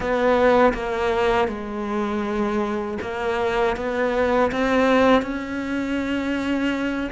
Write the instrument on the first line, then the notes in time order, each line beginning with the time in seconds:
cello
0.00 B3
0.73 A#3
1.48 G#3
3.01 A#3
3.76 B3
4.51 C4
5.22 C#4